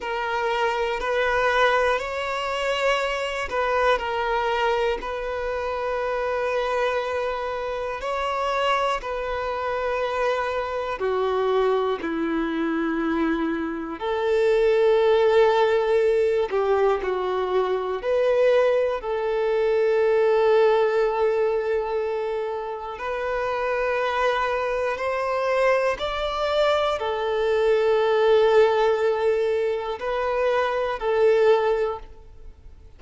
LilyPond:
\new Staff \with { instrumentName = "violin" } { \time 4/4 \tempo 4 = 60 ais'4 b'4 cis''4. b'8 | ais'4 b'2. | cis''4 b'2 fis'4 | e'2 a'2~ |
a'8 g'8 fis'4 b'4 a'4~ | a'2. b'4~ | b'4 c''4 d''4 a'4~ | a'2 b'4 a'4 | }